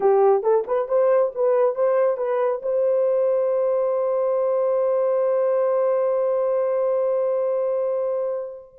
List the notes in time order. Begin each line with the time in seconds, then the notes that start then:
0.00 G4
0.42 A4
0.67 B4
0.88 C5
1.35 B4
1.75 C5
2.17 B4
2.62 C5